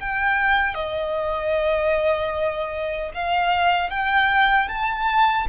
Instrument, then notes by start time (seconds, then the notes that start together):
violin
0.00 G5
0.74 D#5
3.14 F5
3.90 G5
4.68 A5